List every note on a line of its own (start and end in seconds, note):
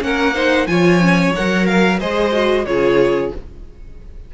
0.00 0.67 A#3
0.00 0.33 C#4
0.00 0.34 A#4
0.00 0.67 F#5
0.34 0.67 D#4
0.34 0.67 C5
0.67 1.33 F3
0.67 1.00 F4
0.67 1.68 C#5
0.67 1.33 G#5
1.00 1.33 C#4
1.36 2.01 F#3
1.36 2.00 A#4
1.36 1.66 F#5
1.66 2.00 A#4
1.66 1.99 F5
2.00 2.66 G#3
2.00 2.32 G#4
2.00 2.66 C5
2.00 2.66 D#5
2.32 2.65 F#4
2.66 3.32 C#3
2.66 3.33 F4
2.66 3.34 G#4
2.66 3.31 C#5